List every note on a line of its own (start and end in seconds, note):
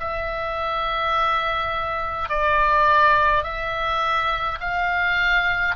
0.00 2.29 E5
2.29 3.44 D5
3.44 4.59 E5
4.60 5.76 F5